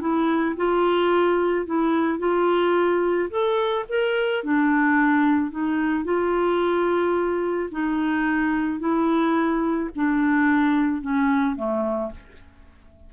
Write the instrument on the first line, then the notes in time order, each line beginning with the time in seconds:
clarinet
0.00 E4
0.56 F4
1.66 E4
2.19 F4
3.30 A4
3.88 A#4
4.43 D4
5.51 D#4
6.04 F4
7.71 D#4
8.79 E4
9.95 D4
11.01 C#4
11.56 A3